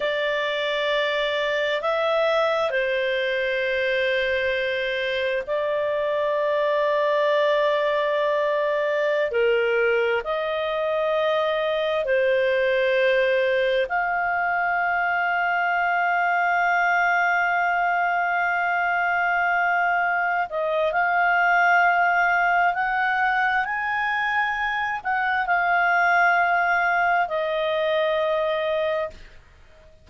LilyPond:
\new Staff \with { instrumentName = "clarinet" } { \time 4/4 \tempo 4 = 66 d''2 e''4 c''4~ | c''2 d''2~ | d''2~ d''16 ais'4 dis''8.~ | dis''4~ dis''16 c''2 f''8.~ |
f''1~ | f''2~ f''8 dis''8 f''4~ | f''4 fis''4 gis''4. fis''8 | f''2 dis''2 | }